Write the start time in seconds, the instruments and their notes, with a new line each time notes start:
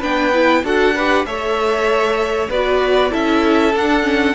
0.00 cello B3, viola D4, violin B4 G5
0.34 viola E4
0.64 cello D4, viola F#4, violin A4 F#5
0.95 viola G4, violin B4
1.25 cello A3, viola A4, violin C#5 E5
2.50 cello B3, viola F#4, violin B4 D5
3.11 cello C#4, viola E4, violin A4 E5
3.74 cello D4, viola D4, violin F#5
4.02 viola C#4